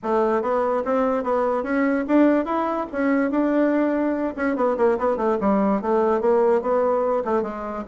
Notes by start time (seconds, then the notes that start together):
0.03 A3
0.42 B3
0.85 C4
1.23 B3
1.63 C#4
2.07 D4
2.45 E4
2.92 C#4
3.30 D4
4.36 C#4
4.56 B3
4.77 A#3
4.98 B3
5.16 A3
5.40 G3
5.81 A3
6.21 A#3
6.61 B3
7.25 A3
7.42 G#3